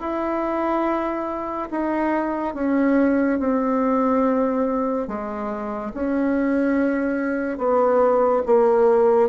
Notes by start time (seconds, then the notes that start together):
0.00 E4
1.71 D#4
2.55 C#4
3.40 C4
5.08 G#3
5.94 C#4
7.58 B3
8.46 A#3